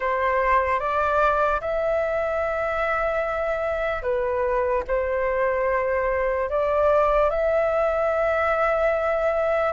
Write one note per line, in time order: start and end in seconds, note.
0.00 0.79 C5
0.79 1.60 D5
1.60 4.02 E5
4.02 4.83 B4
4.87 6.49 C5
6.49 7.30 D5
7.30 9.72 E5